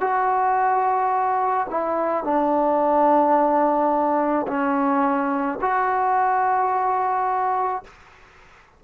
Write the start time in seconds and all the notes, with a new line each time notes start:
0.00 F#4
1.70 E4
2.24 D4
4.47 C#4
5.61 F#4